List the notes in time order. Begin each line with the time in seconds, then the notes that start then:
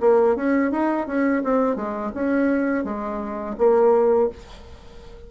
0.00 A#3
0.36 C#4
0.71 D#4
1.07 C#4
1.44 C4
1.75 G#3
2.14 C#4
2.84 G#3
3.57 A#3